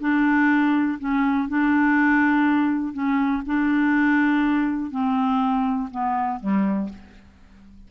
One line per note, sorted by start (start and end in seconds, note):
0.00 0.98 D4
0.99 1.48 C#4
1.48 2.93 D4
2.93 3.42 C#4
3.46 4.91 D4
4.91 5.89 C4
5.91 6.40 B3
6.40 6.89 G3